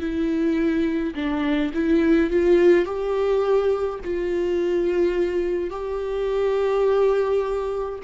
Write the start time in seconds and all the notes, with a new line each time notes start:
0.00 E4
1.15 D4
1.74 E4
2.30 F4
2.85 G4
4.04 F4
5.70 G4